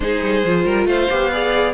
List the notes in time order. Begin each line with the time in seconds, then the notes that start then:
0.00 G#3 D#4 G#4 C5
0.21 G3
0.44 F3 F4
0.65 G3 A#4
0.86 A3 C5 F5
1.09 B3 G4
1.31 G#4 D5